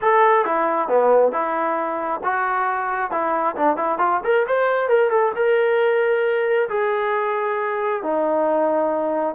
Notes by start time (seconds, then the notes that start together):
0.01 A4
0.45 E4
0.88 B3
1.32 E4
2.23 F#4
3.11 E4
3.56 D4
3.77 E4
3.98 F4
4.24 A#4
4.47 C5
4.88 A#4
5.09 A4
5.35 A#4
6.69 G#4
8.02 D#4